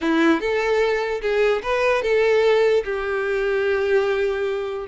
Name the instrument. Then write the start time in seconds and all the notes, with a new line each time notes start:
violin
0.01 E4
0.40 A4
1.21 G#4
1.62 B4
2.02 A4
2.84 G4